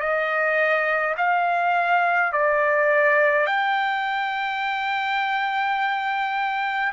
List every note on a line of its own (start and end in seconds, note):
0.00 1.15 D#5
1.17 2.32 F5
2.32 3.46 D5
3.46 6.92 G5